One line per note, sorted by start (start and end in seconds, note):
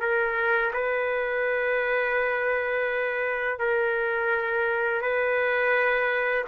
0.00 0.71 A#4
0.73 3.59 B4
3.59 5.02 A#4
5.02 6.44 B4